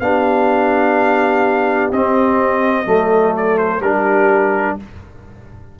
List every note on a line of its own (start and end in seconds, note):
0.00 1.90 B3
0.00 1.93 D4
0.00 2.87 G4
0.00 1.91 F5
1.91 2.86 C4
1.91 3.36 D#5
2.86 3.81 F#3
2.86 3.81 A3
2.86 3.81 A4
3.37 3.58 D5
3.58 3.82 C5
3.81 4.76 G3
3.81 4.80 D4
3.81 4.76 G4
3.81 4.77 A#4